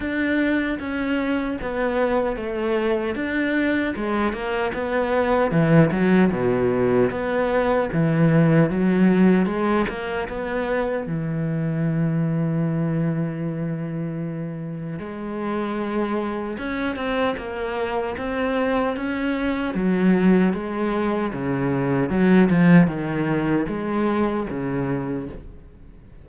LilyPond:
\new Staff \with { instrumentName = "cello" } { \time 4/4 \tempo 4 = 76 d'4 cis'4 b4 a4 | d'4 gis8 ais8 b4 e8 fis8 | b,4 b4 e4 fis4 | gis8 ais8 b4 e2~ |
e2. gis4~ | gis4 cis'8 c'8 ais4 c'4 | cis'4 fis4 gis4 cis4 | fis8 f8 dis4 gis4 cis4 | }